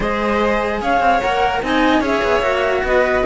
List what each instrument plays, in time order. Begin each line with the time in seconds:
0.00 cello G#3 G#4, violin C5, flute D#5
0.81 cello C#4, violin C#5, flute F5
1.00 cello C4
1.20 cello A#3 A#4, flute F#5
1.62 cello C4 D#4, violin D#5, flute G#5
2.00 cello C#4 G#4, violin C#5, flute E5
2.23 cello B3
2.41 cello A#3 F#4
2.83 cello B3, violin B4, flute D#5